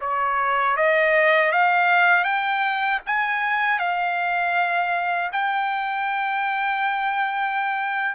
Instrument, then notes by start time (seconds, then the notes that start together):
trumpet
0.00 C#5
0.76 D#5
1.51 F5
2.24 G5
3.06 G#5
3.79 F5
5.32 G5